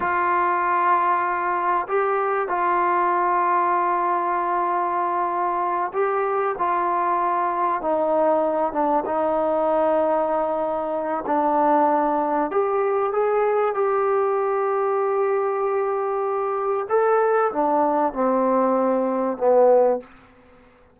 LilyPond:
\new Staff \with { instrumentName = "trombone" } { \time 4/4 \tempo 4 = 96 f'2. g'4 | f'1~ | f'4. g'4 f'4.~ | f'8 dis'4. d'8 dis'4.~ |
dis'2 d'2 | g'4 gis'4 g'2~ | g'2. a'4 | d'4 c'2 b4 | }